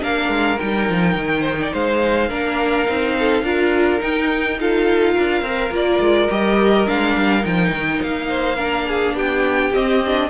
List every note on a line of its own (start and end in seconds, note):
0.00 0.29 A#3
0.00 0.57 D4
0.00 1.41 A#4
0.00 0.59 F5
0.29 0.57 G#3
0.59 0.90 G3
0.59 2.30 D#4
0.59 1.73 G5
0.90 1.15 F3
1.15 1.72 D#3
1.41 1.55 C5
1.61 1.73 D5
1.73 2.30 G#3
1.73 2.29 C5
1.73 4.02 F5
2.29 2.87 A#3
2.29 2.87 D4
2.29 3.15 A#4
2.87 3.43 C4
2.87 3.44 D#4
3.19 3.44 A4
3.43 4.00 D4
3.43 4.00 F4
3.43 4.58 A#4
4.00 4.57 D#4
4.00 5.17 D#4
4.00 4.59 G5
4.60 5.45 F4
4.60 5.14 A4
4.60 5.75 F5
5.14 5.42 D4
5.14 8.28 A#4
5.42 5.70 C4
5.42 5.71 A#4
5.71 5.99 A#3
5.71 6.28 F4
5.71 6.31 D5
6.00 6.28 G#3
6.30 6.88 G3
6.30 6.86 G4
6.30 6.88 D#5
6.86 7.17 G#3
6.86 7.42 D4
6.86 7.45 F5
7.17 7.45 G3
7.42 7.71 F3
7.42 8.56 D#4
7.42 8.02 G5
7.71 7.99 D#3
8.02 9.14 A#3
8.02 9.17 F5
8.28 8.57 C5
8.57 9.72 D4
8.57 8.85 A#4
8.88 9.15 G#4
9.14 9.71 B3
9.14 10.30 G4
9.14 9.74 G5
9.74 10.02 C4
9.74 10.30 C4
9.74 10.30 D#5
10.05 10.30 D4